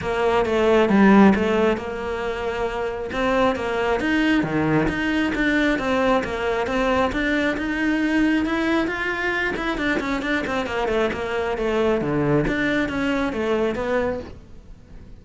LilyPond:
\new Staff \with { instrumentName = "cello" } { \time 4/4 \tempo 4 = 135 ais4 a4 g4 a4 | ais2. c'4 | ais4 dis'4 dis4 dis'4 | d'4 c'4 ais4 c'4 |
d'4 dis'2 e'4 | f'4. e'8 d'8 cis'8 d'8 c'8 | ais8 a8 ais4 a4 d4 | d'4 cis'4 a4 b4 | }